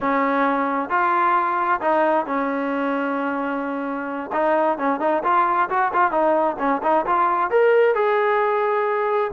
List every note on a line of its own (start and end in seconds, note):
0.00 0.89 C#4
0.89 1.80 F4
1.80 2.26 D#4
2.26 4.30 C#4
4.32 4.77 D#4
4.78 5.00 C#4
5.00 5.22 D#4
5.23 5.69 F4
5.69 5.92 F#4
5.93 6.11 F4
6.11 6.56 D#4
6.58 6.81 C#4
6.83 7.05 D#4
7.06 7.50 F4
7.50 7.94 A#4
7.94 9.31 G#4